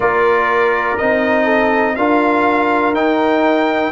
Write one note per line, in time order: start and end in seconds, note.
0.00 0.97 A#3
0.00 0.97 F4
0.00 1.44 A#4
0.00 0.97 D5
0.97 1.96 C4
0.97 1.97 D#4
0.97 1.95 D#5
1.44 1.93 A4
1.95 2.92 D4
1.95 2.94 F4
1.95 3.92 A#4
1.95 2.94 F5
2.92 3.90 D#4
2.92 3.92 D#4
2.92 3.92 G5